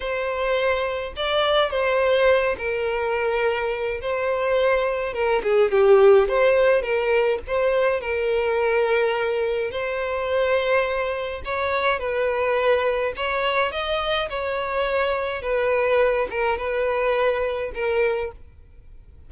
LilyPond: \new Staff \with { instrumentName = "violin" } { \time 4/4 \tempo 4 = 105 c''2 d''4 c''4~ | c''8 ais'2~ ais'8 c''4~ | c''4 ais'8 gis'8 g'4 c''4 | ais'4 c''4 ais'2~ |
ais'4 c''2. | cis''4 b'2 cis''4 | dis''4 cis''2 b'4~ | b'8 ais'8 b'2 ais'4 | }